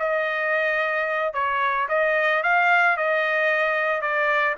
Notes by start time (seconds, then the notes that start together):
0.00 D#5
1.34 C#5
1.89 D#5
2.43 F5
2.97 D#5
4.02 D5